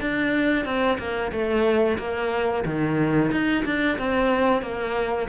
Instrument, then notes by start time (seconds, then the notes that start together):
cello
0.00 D4
0.65 C4
0.98 A#3
1.32 A3
1.98 A#3
2.65 D#3
3.31 D#4
3.65 D4
3.98 C4
4.62 A#3